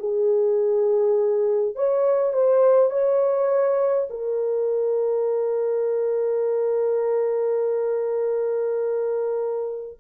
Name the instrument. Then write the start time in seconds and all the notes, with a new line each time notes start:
horn
0.00 G#4
1.76 C#5
2.33 C5
2.90 C#5
4.10 A#4